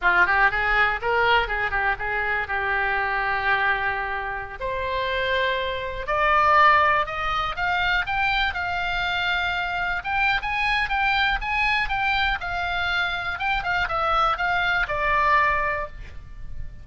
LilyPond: \new Staff \with { instrumentName = "oboe" } { \time 4/4 \tempo 4 = 121 f'8 g'8 gis'4 ais'4 gis'8 g'8 | gis'4 g'2.~ | g'4~ g'16 c''2~ c''8.~ | c''16 d''2 dis''4 f''8.~ |
f''16 g''4 f''2~ f''8.~ | f''16 g''8. gis''4 g''4 gis''4 | g''4 f''2 g''8 f''8 | e''4 f''4 d''2 | }